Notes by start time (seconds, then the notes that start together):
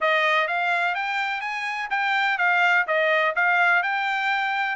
0.00 D#5
0.47 F5
0.94 G5
1.40 G#5
1.90 G5
2.38 F5
2.87 D#5
3.35 F5
3.82 G5